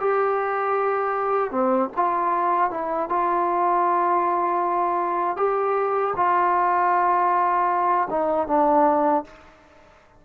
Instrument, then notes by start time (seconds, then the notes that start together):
trombone
0.00 G4
1.51 C4
1.96 F4
2.71 E4
3.09 F4
5.37 G4
6.16 F4
8.10 D#4
8.48 D4